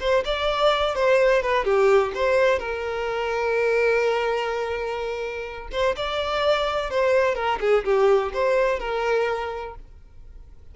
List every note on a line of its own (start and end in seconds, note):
0.00 0.24 C5
0.25 0.95 D5
0.95 1.42 C5
1.42 1.65 B4
1.65 2.12 G4
2.15 2.59 C5
2.59 5.69 A#4
5.72 5.95 C5
5.96 6.90 D5
6.90 7.35 C5
7.35 7.59 A#4
7.60 7.84 G#4
7.84 8.32 G4
8.33 8.79 C5
8.79 9.75 A#4